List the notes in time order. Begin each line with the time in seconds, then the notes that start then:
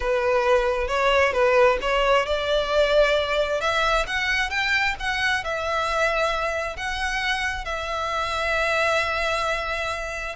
0.00 B4
0.87 C#5
1.32 B4
1.81 C#5
2.26 D5
3.60 E5
4.06 F#5
4.50 G5
4.99 F#5
5.44 E5
6.76 F#5
7.64 E5